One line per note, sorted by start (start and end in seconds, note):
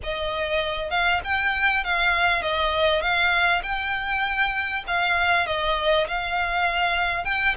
0.03 0.90 D#5
0.90 1.20 F5
1.23 1.83 G5
1.83 2.42 F5
2.42 3.01 D#5
3.01 3.62 F5
3.62 4.83 G5
4.87 5.46 F5
5.46 6.07 D#5
6.07 7.24 F5
7.24 7.55 G5